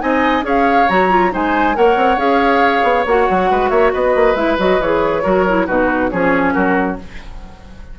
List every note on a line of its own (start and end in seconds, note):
0.00 0.43 C4
0.00 0.43 D#4
0.00 0.45 D#5
0.00 0.44 G#5
0.43 0.86 C#4
0.43 0.87 G#4
0.43 1.32 C#5
0.49 0.89 F5
0.89 1.33 F#3
0.89 1.10 F#4
0.89 1.33 A#5
1.10 1.31 F4
1.31 1.77 G#3
1.31 1.74 D#4
1.31 1.77 C5
1.31 1.77 G#5
1.74 1.97 A#3
1.74 2.18 A#4
1.74 3.50 C#5
1.74 2.19 F#5
1.97 2.17 C4
2.17 2.82 C#4
2.17 3.05 G#4
2.17 3.06 F5
2.84 3.05 B3
3.06 3.28 A#3
3.06 4.36 F#4
3.06 3.70 F#5
3.30 3.51 F#3
3.50 3.70 G#3
3.50 3.70 B4
3.70 3.92 A#3
3.70 3.92 C#5
3.70 3.91 E5
3.93 4.15 B3
3.93 5.23 B4
3.93 4.36 D#5
4.15 4.35 A#3
4.35 4.57 G#3
4.35 4.58 E4
4.35 4.57 E5
4.59 4.80 F#3
4.59 4.81 F#4
4.59 4.82 D#5
4.80 5.23 E3
4.80 5.23 G#4
4.80 5.66 C#5
5.23 5.69 F#3
5.23 5.45 F#4
5.23 5.67 A#4
5.48 5.68 E4
5.66 6.12 B2
5.66 6.11 D#4
5.66 6.10 F#4
5.66 6.10 B4
6.10 6.56 F3
6.10 6.98 C#4
6.10 6.54 G#4
6.10 6.53 C#5
6.53 6.99 F#3
6.53 6.97 F#4
6.53 6.97 A#4